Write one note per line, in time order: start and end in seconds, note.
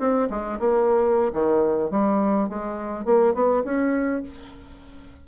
0.00 0.29 C4
0.30 0.60 G#3
0.60 1.33 A#3
1.33 1.91 D#3
1.91 2.49 G3
2.49 3.06 G#3
3.06 3.34 A#3
3.34 3.64 B3
3.65 4.23 C#4